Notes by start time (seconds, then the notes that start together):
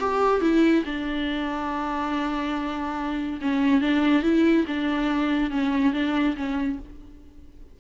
0.00 G4
0.42 E4
0.85 D4
3.42 C#4
3.81 D4
4.23 E4
4.68 D4
5.51 C#4
5.93 D4
6.37 C#4